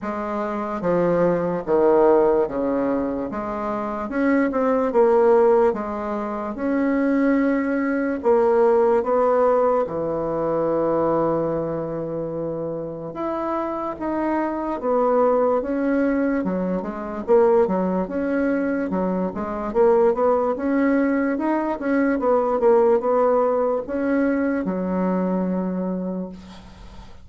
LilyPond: \new Staff \with { instrumentName = "bassoon" } { \time 4/4 \tempo 4 = 73 gis4 f4 dis4 cis4 | gis4 cis'8 c'8 ais4 gis4 | cis'2 ais4 b4 | e1 |
e'4 dis'4 b4 cis'4 | fis8 gis8 ais8 fis8 cis'4 fis8 gis8 | ais8 b8 cis'4 dis'8 cis'8 b8 ais8 | b4 cis'4 fis2 | }